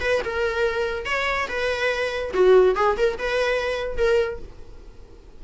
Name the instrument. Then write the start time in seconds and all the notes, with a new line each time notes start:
viola
0.00 B4
0.24 A#4
1.05 C#5
1.48 B4
2.33 F#4
2.75 G#4
2.97 A#4
3.18 B4
3.97 A#4